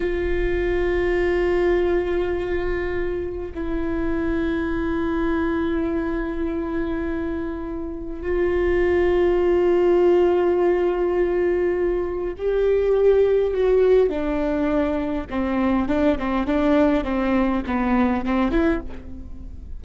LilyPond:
\new Staff \with { instrumentName = "viola" } { \time 4/4 \tempo 4 = 102 f'1~ | f'2 e'2~ | e'1~ | e'2 f'2~ |
f'1~ | f'4 g'2 fis'4 | d'2 c'4 d'8 c'8 | d'4 c'4 b4 c'8 e'8 | }